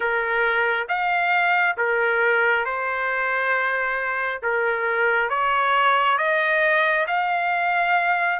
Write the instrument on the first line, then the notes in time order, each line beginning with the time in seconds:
trumpet
0.00 A#4
0.88 F5
1.77 A#4
2.65 C5
4.42 A#4
5.29 C#5
6.18 D#5
7.07 F5